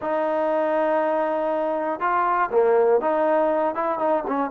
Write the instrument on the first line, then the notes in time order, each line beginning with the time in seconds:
trombone
0.01 D#4
2.00 F4
2.51 A#3
3.00 D#4
3.74 E4
3.98 D#4
4.27 C#4